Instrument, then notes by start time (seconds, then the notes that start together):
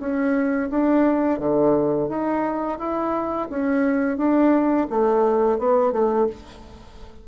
bassoon
0.00 C#4
0.71 D4
1.40 D3
2.09 D#4
2.79 E4
3.50 C#4
4.17 D4
4.90 A3
5.59 B3
5.92 A3